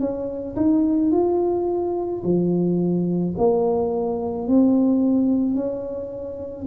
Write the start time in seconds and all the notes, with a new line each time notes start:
0.00 C#4
0.56 D#4
1.12 F4
2.24 F3
3.37 A#3
4.47 C4
5.55 C#4